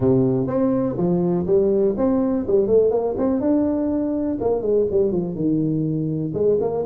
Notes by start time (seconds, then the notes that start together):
0.00 C3
0.47 C4
0.97 F3
1.46 G3
1.97 C4
2.47 G3
2.67 A3
2.90 A#3
3.17 C4
3.40 D4
4.40 A#3
4.61 G#3
4.90 G3
5.11 F3
5.35 D#3
6.33 G#3
6.60 A#3